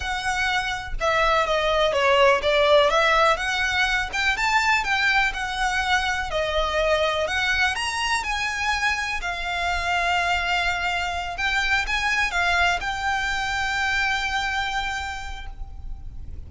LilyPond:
\new Staff \with { instrumentName = "violin" } { \time 4/4 \tempo 4 = 124 fis''2 e''4 dis''4 | cis''4 d''4 e''4 fis''4~ | fis''8 g''8 a''4 g''4 fis''4~ | fis''4 dis''2 fis''4 |
ais''4 gis''2 f''4~ | f''2.~ f''8 g''8~ | g''8 gis''4 f''4 g''4.~ | g''1 | }